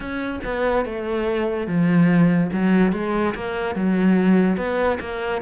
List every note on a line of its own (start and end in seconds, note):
0.00 0.39 C#4
0.44 0.85 B3
0.85 1.67 A3
1.67 2.50 F3
2.52 2.92 F#3
2.92 3.34 G#3
3.34 3.75 A#3
3.75 4.56 F#3
4.56 4.98 B3
5.00 5.41 A#3